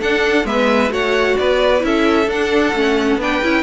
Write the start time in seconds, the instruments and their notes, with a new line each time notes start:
0.00 viola D4, cello D4, violin A4 F#5
0.44 cello G#3, viola B3, violin B4 E5
0.89 cello A3, viola F#4, violin C#5 F#5
1.37 cello B3, violin B4 D5
1.79 cello C#4, viola E4, violin E5
1.85 violin A4
2.26 cello D4, viola D4, violin F#5
2.73 cello A3, viola C#4
3.17 cello B3, viola D4, violin B4 G5
3.43 cello C#4, viola E4